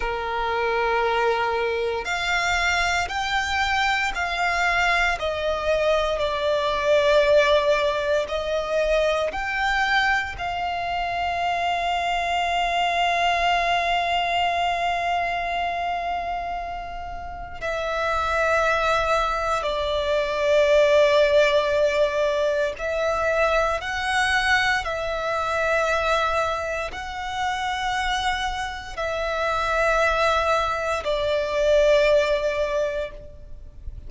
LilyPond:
\new Staff \with { instrumentName = "violin" } { \time 4/4 \tempo 4 = 58 ais'2 f''4 g''4 | f''4 dis''4 d''2 | dis''4 g''4 f''2~ | f''1~ |
f''4 e''2 d''4~ | d''2 e''4 fis''4 | e''2 fis''2 | e''2 d''2 | }